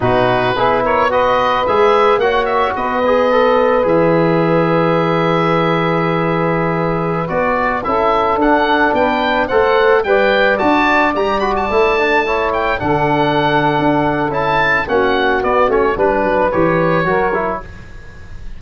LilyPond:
<<
  \new Staff \with { instrumentName = "oboe" } { \time 4/4 \tempo 4 = 109 b'4. cis''8 dis''4 e''4 | fis''8 e''8 dis''2 e''4~ | e''1~ | e''4~ e''16 d''4 e''4 fis''8.~ |
fis''16 g''4 fis''4 g''4 a''8.~ | a''16 ais''8 b''16 a''4.~ a''16 g''8 fis''8.~ | fis''2 a''4 fis''4 | d''8 cis''8 b'4 cis''2 | }
  \new Staff \with { instrumentName = "saxophone" } { \time 4/4 fis'4 gis'8 ais'8 b'2 | cis''4 b'2.~ | b'1~ | b'2~ b'16 a'4.~ a'16~ |
a'16 b'4 c''4 d''4.~ d''16~ | d''2~ d''16 cis''4 a'8.~ | a'2. fis'4~ | fis'4 b'2 ais'4 | }
  \new Staff \with { instrumentName = "trombone" } { \time 4/4 dis'4 e'4 fis'4 gis'4 | fis'4. gis'8 a'4 gis'4~ | gis'1~ | gis'4~ gis'16 fis'4 e'4 d'8.~ |
d'4~ d'16 a'4 b'4 fis'8.~ | fis'16 g'8 fis'8 e'8 d'8 e'4 d'8.~ | d'2 e'4 cis'4 | b8 cis'8 d'4 g'4 fis'8 e'8 | }
  \new Staff \with { instrumentName = "tuba" } { \time 4/4 b,4 b2 gis4 | ais4 b2 e4~ | e1~ | e4~ e16 b4 cis'4 d'8.~ |
d'16 b4 a4 g4 d'8.~ | d'16 g4 a2 d8.~ | d4 d'4 cis'4 ais4 | b8 a8 g8 fis8 e4 fis4 | }
>>